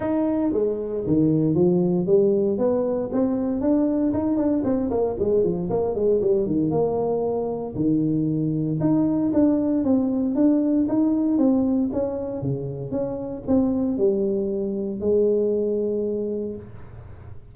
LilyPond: \new Staff \with { instrumentName = "tuba" } { \time 4/4 \tempo 4 = 116 dis'4 gis4 dis4 f4 | g4 b4 c'4 d'4 | dis'8 d'8 c'8 ais8 gis8 f8 ais8 gis8 | g8 dis8 ais2 dis4~ |
dis4 dis'4 d'4 c'4 | d'4 dis'4 c'4 cis'4 | cis4 cis'4 c'4 g4~ | g4 gis2. | }